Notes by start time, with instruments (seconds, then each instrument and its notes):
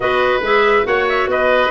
0.00 tuba B3, clarinet F#4, oboe B4, trumpet D#5
0.41 tuba G#3, clarinet G#4, trumpet E5
0.83 tuba A#3, clarinet F#4, oboe C#5, trumpet F#5
1.08 trumpet E5
1.27 tuba B3, oboe B4, trumpet D#5